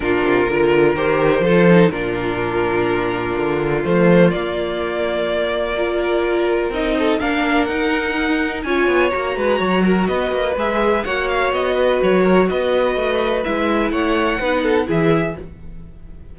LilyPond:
<<
  \new Staff \with { instrumentName = "violin" } { \time 4/4 \tempo 4 = 125 ais'2 c''2 | ais'1 | c''4 d''2.~ | d''2 dis''4 f''4 |
fis''2 gis''4 ais''4~ | ais''4 dis''4 e''4 fis''8 f''8 | dis''4 cis''4 dis''2 | e''4 fis''2 e''4 | }
  \new Staff \with { instrumentName = "violin" } { \time 4/4 f'4 ais'2 a'4 | f'1~ | f'1 | ais'2~ ais'8 a'8 ais'4~ |
ais'2 cis''4. b'8 | cis''8 ais'8 b'2 cis''4~ | cis''8 b'4 ais'8 b'2~ | b'4 cis''4 b'8 a'8 gis'4 | }
  \new Staff \with { instrumentName = "viola" } { \time 4/4 d'4 f'4 g'4 f'8 dis'8 | d'1 | a4 ais2. | f'2 dis'4 d'4 |
dis'2 f'4 fis'4~ | fis'2 gis'4 fis'4~ | fis'1 | e'2 dis'4 e'4 | }
  \new Staff \with { instrumentName = "cello" } { \time 4/4 ais,8 c8 d4 dis4 f4 | ais,2. d4 | f4 ais2.~ | ais2 c'4 ais4 |
dis'2 cis'8 b8 ais8 gis8 | fis4 b8 ais8 gis4 ais4 | b4 fis4 b4 a4 | gis4 a4 b4 e4 | }
>>